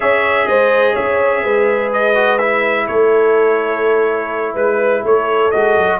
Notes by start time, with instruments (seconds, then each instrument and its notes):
0.00 tuba C#4, trombone G#4, horn C#5, trumpet E5
0.47 tuba G#3, horn C5, trumpet D#5
0.93 tuba C#4, horn C#5, trumpet E5
1.42 tuba G#3, horn B4
1.93 trumpet D#5
2.15 trombone F#4
2.38 trombone E4, trumpet E5
2.87 tuba A3, horn A4, trumpet C#5
4.53 tuba G#3, horn B4, trumpet B4
5.03 tuba A3, horn A4, trumpet C#5
5.51 tuba G#3, trombone F#4, trumpet D#5
5.76 tuba F#3